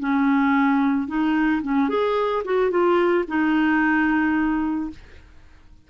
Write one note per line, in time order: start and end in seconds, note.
0.00 1.08 C#4
1.08 1.62 D#4
1.63 1.89 C#4
1.89 2.43 G#4
2.45 2.71 F#4
2.71 3.25 F4
3.28 4.90 D#4